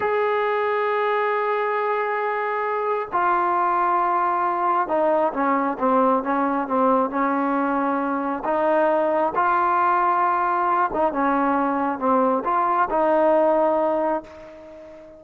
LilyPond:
\new Staff \with { instrumentName = "trombone" } { \time 4/4 \tempo 4 = 135 gis'1~ | gis'2. f'4~ | f'2. dis'4 | cis'4 c'4 cis'4 c'4 |
cis'2. dis'4~ | dis'4 f'2.~ | f'8 dis'8 cis'2 c'4 | f'4 dis'2. | }